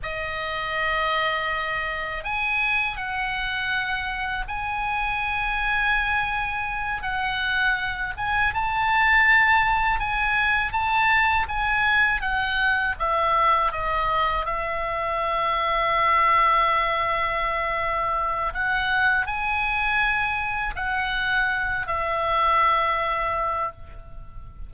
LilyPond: \new Staff \with { instrumentName = "oboe" } { \time 4/4 \tempo 4 = 81 dis''2. gis''4 | fis''2 gis''2~ | gis''4. fis''4. gis''8 a''8~ | a''4. gis''4 a''4 gis''8~ |
gis''8 fis''4 e''4 dis''4 e''8~ | e''1~ | e''4 fis''4 gis''2 | fis''4. e''2~ e''8 | }